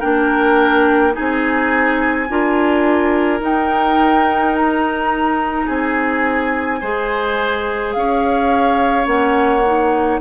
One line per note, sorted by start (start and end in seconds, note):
0.00 1.16 A#3
0.00 1.13 D4
0.00 1.13 A#4
0.00 1.14 G5
1.13 2.26 D#4
1.13 2.28 G#4
1.13 3.41 G#5
1.20 2.29 C4
2.29 3.41 D4
2.29 3.40 F4
2.29 5.67 A#4
3.40 6.80 D#4
3.40 5.67 D#4
3.40 4.56 G5
4.56 5.69 A#5
5.67 6.82 C4
5.67 6.80 G#4
5.67 7.93 G#5
6.81 7.96 G#3
6.81 9.05 G#4
6.81 7.94 C5
7.93 9.07 C#4
7.93 10.21 C#5
7.93 9.07 F5
9.05 10.20 A#3
9.05 9.62 C#4
9.05 10.20 F#5
9.66 10.21 D#4